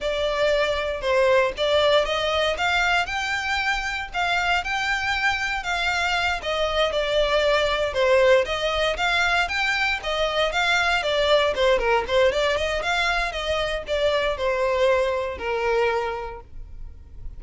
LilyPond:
\new Staff \with { instrumentName = "violin" } { \time 4/4 \tempo 4 = 117 d''2 c''4 d''4 | dis''4 f''4 g''2 | f''4 g''2 f''4~ | f''8 dis''4 d''2 c''8~ |
c''8 dis''4 f''4 g''4 dis''8~ | dis''8 f''4 d''4 c''8 ais'8 c''8 | d''8 dis''8 f''4 dis''4 d''4 | c''2 ais'2 | }